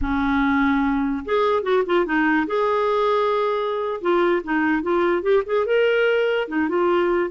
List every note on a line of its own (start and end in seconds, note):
0.01 1.24 C#4
1.25 1.62 G#4
1.62 1.83 F#4
1.85 2.05 F4
2.05 2.46 D#4
2.46 4.00 G#4
4.01 4.42 F4
4.43 4.82 D#4
4.82 5.22 F4
5.22 5.42 G4
5.46 5.65 G#4
5.65 6.48 A#4
6.48 6.68 D#4
6.68 7.30 F4